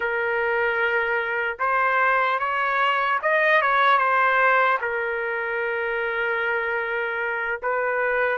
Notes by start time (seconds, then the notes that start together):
0.00 A#4
1.59 C5
2.39 C#5
3.22 D#5
3.61 C#5
3.97 C5
4.81 A#4
7.62 B4